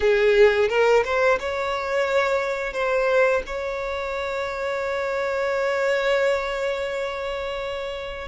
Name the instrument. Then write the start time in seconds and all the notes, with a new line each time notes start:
violin
0.00 G#4
0.69 A#4
1.04 C5
1.39 C#5
2.73 C5
3.46 C#5